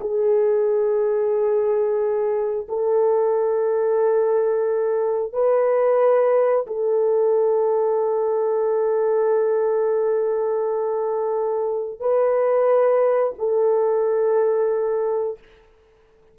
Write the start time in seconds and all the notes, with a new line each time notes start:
0.00 G#4
2.68 A4
5.32 B4
6.66 A4
12.00 B4
13.38 A4